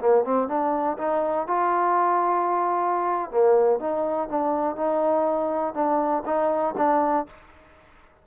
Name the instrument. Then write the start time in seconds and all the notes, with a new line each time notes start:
trombone
0.00 A#3
0.24 C4
0.48 D4
0.98 D#4
1.47 F4
3.31 A#3
3.79 D#4
4.29 D4
4.76 D#4
5.74 D4
6.25 D#4
6.77 D4